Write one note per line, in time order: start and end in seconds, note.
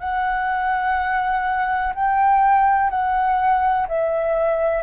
0.00 1.94 F#5
1.95 2.90 G5
2.90 3.87 F#5
3.88 4.83 E5